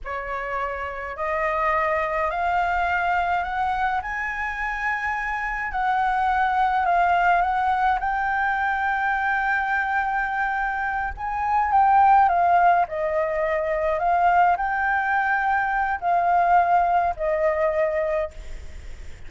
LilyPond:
\new Staff \with { instrumentName = "flute" } { \time 4/4 \tempo 4 = 105 cis''2 dis''2 | f''2 fis''4 gis''4~ | gis''2 fis''2 | f''4 fis''4 g''2~ |
g''2.~ g''8 gis''8~ | gis''8 g''4 f''4 dis''4.~ | dis''8 f''4 g''2~ g''8 | f''2 dis''2 | }